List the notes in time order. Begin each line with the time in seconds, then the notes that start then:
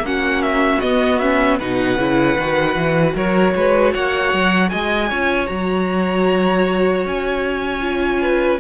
0.00 A#3 C#4
0.06 F#4 F#5
0.43 E5
0.81 B3 D#5
1.19 C#4 E5
1.59 B2 D#4 B4 F#5
1.97 C#3 E4
2.38 D#3 F#4
2.76 E3
3.15 F#3 A#4 C#5
3.56 G#3 B4
3.93 A#3 C#5 F#5
4.34 F#3
4.70 G#3 D#5 G#5
5.10 C#4 F4 C#5
5.47 F#3 F#4 A#5
7.06 C#4 G#5
7.81 F4
8.22 B4